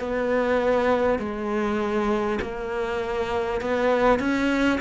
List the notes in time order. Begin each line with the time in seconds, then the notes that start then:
0.00 B3
1.19 G#3
2.42 A#3
3.61 B3
4.19 C#4